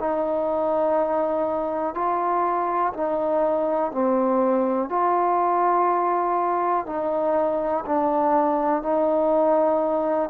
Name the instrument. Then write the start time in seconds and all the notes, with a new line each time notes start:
trombone
0.00 D#4
1.95 F4
2.94 D#4
3.92 C4
4.90 F4
6.87 D#4
7.86 D4
8.83 D#4